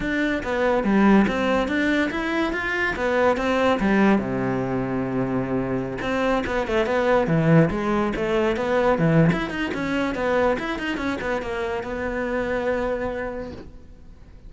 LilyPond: \new Staff \with { instrumentName = "cello" } { \time 4/4 \tempo 4 = 142 d'4 b4 g4 c'4 | d'4 e'4 f'4 b4 | c'4 g4 c2~ | c2~ c16 c'4 b8 a16~ |
a16 b4 e4 gis4 a8.~ | a16 b4 e8. e'8 dis'8 cis'4 | b4 e'8 dis'8 cis'8 b8 ais4 | b1 | }